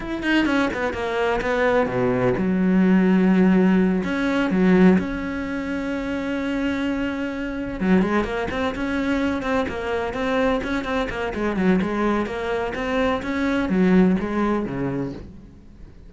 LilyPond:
\new Staff \with { instrumentName = "cello" } { \time 4/4 \tempo 4 = 127 e'8 dis'8 cis'8 b8 ais4 b4 | b,4 fis2.~ | fis8 cis'4 fis4 cis'4.~ | cis'1~ |
cis'8 fis8 gis8 ais8 c'8 cis'4. | c'8 ais4 c'4 cis'8 c'8 ais8 | gis8 fis8 gis4 ais4 c'4 | cis'4 fis4 gis4 cis4 | }